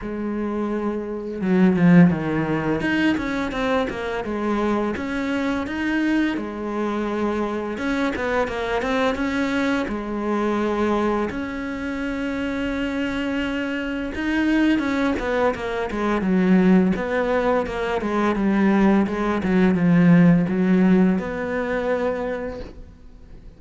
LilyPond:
\new Staff \with { instrumentName = "cello" } { \time 4/4 \tempo 4 = 85 gis2 fis8 f8 dis4 | dis'8 cis'8 c'8 ais8 gis4 cis'4 | dis'4 gis2 cis'8 b8 | ais8 c'8 cis'4 gis2 |
cis'1 | dis'4 cis'8 b8 ais8 gis8 fis4 | b4 ais8 gis8 g4 gis8 fis8 | f4 fis4 b2 | }